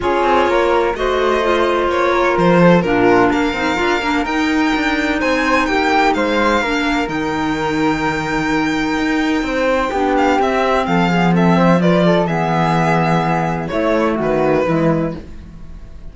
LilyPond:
<<
  \new Staff \with { instrumentName = "violin" } { \time 4/4 \tempo 4 = 127 cis''2 dis''2 | cis''4 c''4 ais'4 f''4~ | f''4 g''2 gis''4 | g''4 f''2 g''4~ |
g''1~ | g''4. f''8 e''4 f''4 | e''4 d''4 e''2~ | e''4 cis''4 b'2 | }
  \new Staff \with { instrumentName = "flute" } { \time 4/4 gis'4 ais'4 c''2~ | c''8 ais'4 a'8 f'4 ais'4~ | ais'2. c''4 | g'4 c''4 ais'2~ |
ais'1 | c''4 g'2 a'8 gis'8 | a'8 c''8 b'8 a'8 gis'2~ | gis'4 e'4 fis'4 e'4 | }
  \new Staff \with { instrumentName = "clarinet" } { \time 4/4 f'2 fis'4 f'4~ | f'2 d'4. dis'8 | f'8 d'8 dis'2.~ | dis'2 d'4 dis'4~ |
dis'1~ | dis'4 d'4 c'4. b8 | c'4 f'4 b2~ | b4 a2 gis4 | }
  \new Staff \with { instrumentName = "cello" } { \time 4/4 cis'8 c'8 ais4 a2 | ais4 f4 ais,4 ais8 c'8 | d'8 ais8 dis'4 d'4 c'4 | ais4 gis4 ais4 dis4~ |
dis2. dis'4 | c'4 b4 c'4 f4~ | f2 e2~ | e4 a4 dis4 e4 | }
>>